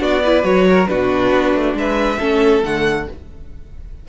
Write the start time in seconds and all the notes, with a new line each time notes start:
0.00 B3 D4 F#4 D5
0.24 E4 B4
0.43 F#3 F#4 C#5
0.70 A#4
0.88 B2 D4 F#4 B4
1.32 B3
1.55 A3
1.74 G#3 B4 E5
2.19 A3 C#4 A4
2.64 D3 A3 F#5